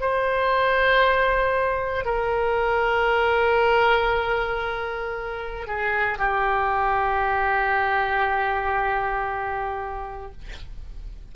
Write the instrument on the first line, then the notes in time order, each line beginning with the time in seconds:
oboe
0.00 C5
2.05 A#4
5.67 G#4
6.18 G4